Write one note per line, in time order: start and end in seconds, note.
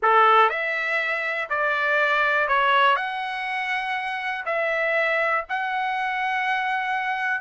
0.02 0.49 A4
0.49 1.49 E5
1.49 2.47 D5
2.47 2.95 C#5
2.95 4.44 F#5
4.45 5.44 E5
5.49 7.41 F#5